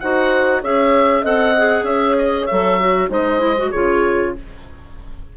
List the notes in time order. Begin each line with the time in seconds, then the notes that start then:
0.00 D#4 F#4 C5 F#5
0.61 C#4 G#4 C#5 E5
1.22 C4 A4 D#5 F#5
1.57 G#4
1.83 C#4 C#5 E5
2.18 D#5
2.47 F#3 A4 E5
2.80 F#4
3.09 G#3 D#4 C5 D#5
3.39 E4
3.58 F#4
3.70 C#3 F4 G#4 C#5